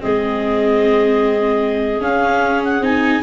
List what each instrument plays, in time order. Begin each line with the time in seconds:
0.00 tuba G#3, viola C4, clarinet G#4 D#5
2.01 viola C#4, tuba C#4, clarinet F5
2.65 clarinet F#5
2.81 tuba C4, viola D#4, clarinet G#5